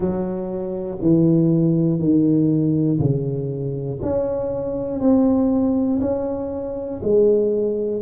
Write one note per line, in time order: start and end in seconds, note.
0.00 0.97 F#3
1.00 1.99 E3
1.99 2.99 D#3
2.99 3.99 C#3
4.02 5.00 C#4
5.00 6.00 C4
6.00 7.00 C#4
7.03 8.01 G#3